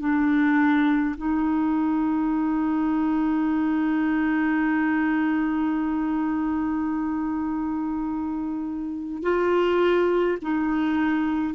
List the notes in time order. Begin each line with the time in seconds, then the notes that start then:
0.00 D4
1.17 D#4
9.23 F4
10.42 D#4